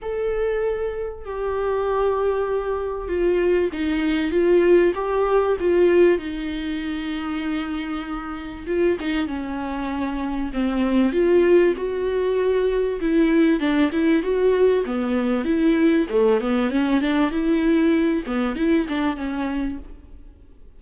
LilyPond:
\new Staff \with { instrumentName = "viola" } { \time 4/4 \tempo 4 = 97 a'2 g'2~ | g'4 f'4 dis'4 f'4 | g'4 f'4 dis'2~ | dis'2 f'8 dis'8 cis'4~ |
cis'4 c'4 f'4 fis'4~ | fis'4 e'4 d'8 e'8 fis'4 | b4 e'4 a8 b8 cis'8 d'8 | e'4. b8 e'8 d'8 cis'4 | }